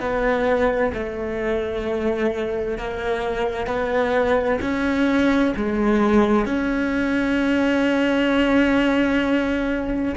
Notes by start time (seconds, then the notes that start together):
0.00 B3
0.93 A3
2.78 A#3
3.67 B3
4.61 C#4
5.56 G#3
6.45 C#4